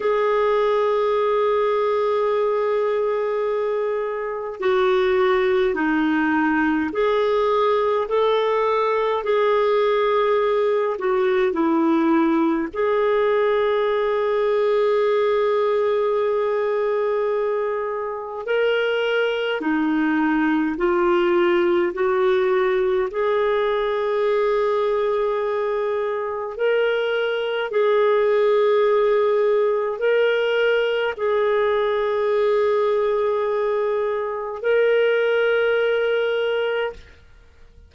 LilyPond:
\new Staff \with { instrumentName = "clarinet" } { \time 4/4 \tempo 4 = 52 gis'1 | fis'4 dis'4 gis'4 a'4 | gis'4. fis'8 e'4 gis'4~ | gis'1 |
ais'4 dis'4 f'4 fis'4 | gis'2. ais'4 | gis'2 ais'4 gis'4~ | gis'2 ais'2 | }